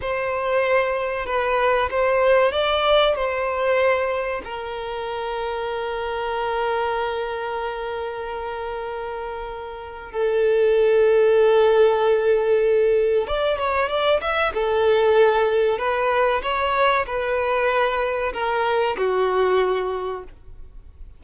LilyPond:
\new Staff \with { instrumentName = "violin" } { \time 4/4 \tempo 4 = 95 c''2 b'4 c''4 | d''4 c''2 ais'4~ | ais'1~ | ais'1 |
a'1~ | a'4 d''8 cis''8 d''8 e''8 a'4~ | a'4 b'4 cis''4 b'4~ | b'4 ais'4 fis'2 | }